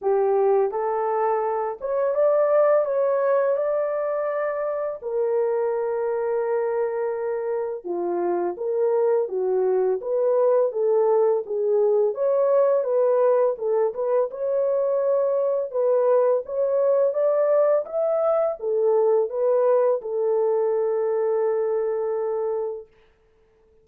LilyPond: \new Staff \with { instrumentName = "horn" } { \time 4/4 \tempo 4 = 84 g'4 a'4. cis''8 d''4 | cis''4 d''2 ais'4~ | ais'2. f'4 | ais'4 fis'4 b'4 a'4 |
gis'4 cis''4 b'4 a'8 b'8 | cis''2 b'4 cis''4 | d''4 e''4 a'4 b'4 | a'1 | }